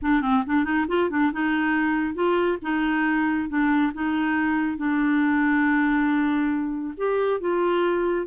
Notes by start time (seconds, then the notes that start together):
0.02 D4
0.21 C4
0.46 D4
0.64 D#4
0.88 F4
1.10 D4
1.32 D#4
2.14 F4
2.62 D#4
3.48 D4
3.93 D#4
4.77 D4
6.97 G4
7.40 F4